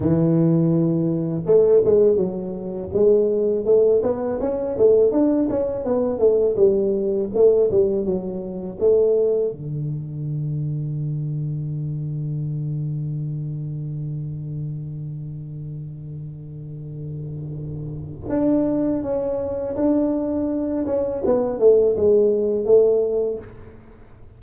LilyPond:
\new Staff \with { instrumentName = "tuba" } { \time 4/4 \tempo 4 = 82 e2 a8 gis8 fis4 | gis4 a8 b8 cis'8 a8 d'8 cis'8 | b8 a8 g4 a8 g8 fis4 | a4 d2.~ |
d1~ | d1~ | d4 d'4 cis'4 d'4~ | d'8 cis'8 b8 a8 gis4 a4 | }